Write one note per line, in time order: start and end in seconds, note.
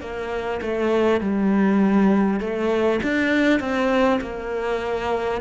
0.00 0.60 A#3
0.61 1.21 A3
1.21 2.40 G3
2.40 3.00 A3
3.03 3.59 D4
3.59 4.19 C4
4.21 5.41 A#3